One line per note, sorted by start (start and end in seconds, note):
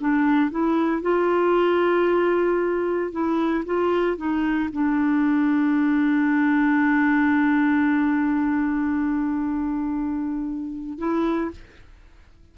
0.00 0.50 D4
0.50 1.01 E4
1.01 3.11 F4
3.11 3.64 E4
3.65 4.17 F4
4.17 4.69 D#4
4.72 10.98 D4
10.98 11.50 E4